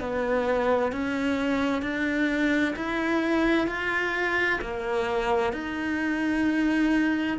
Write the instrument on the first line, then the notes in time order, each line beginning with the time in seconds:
cello
0.00 B3
0.92 C#4
1.82 D4
2.76 E4
3.67 F4
4.61 A#3
5.53 D#4